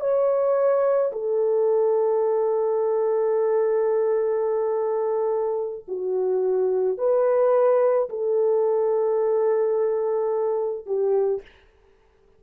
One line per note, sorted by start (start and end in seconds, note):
0.00 1.11 C#5
1.12 5.84 A4
5.88 6.98 F#4
6.98 8.09 B4
8.10 10.86 A4
10.86 11.41 G4